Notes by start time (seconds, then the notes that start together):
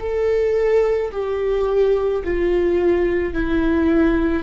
0.00 A4
1.12 G4
2.24 F4
3.33 E4